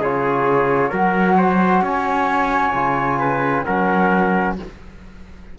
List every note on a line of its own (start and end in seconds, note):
0.00 0.91 C#3
0.00 0.93 F4
0.00 0.89 G#4
0.00 0.94 C#5
0.89 1.82 F#3
0.89 2.75 F#4
0.89 1.35 A#4
0.89 1.84 F#5
1.38 1.83 C5
1.82 2.73 C#4
1.82 3.19 C#5
1.82 3.64 G#5
2.73 3.64 C#3
2.73 3.66 F4
3.19 3.64 B4
3.64 4.59 F#3
3.64 4.58 C#4
3.64 4.57 A#4
3.64 4.55 F#5